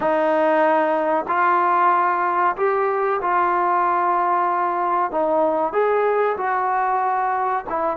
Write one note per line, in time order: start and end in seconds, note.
0.00 1.25 D#4
1.28 2.55 F4
2.56 3.20 G4
3.21 5.11 F4
5.11 5.72 D#4
5.72 6.36 G#4
6.37 7.65 F#4
7.69 7.96 E4